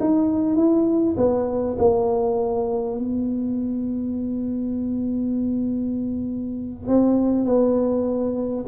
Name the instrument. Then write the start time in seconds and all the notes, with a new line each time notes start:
tuba
0.00 D#4
0.56 E4
1.17 B3
1.78 A#3
2.98 B3
6.88 C4
7.45 B3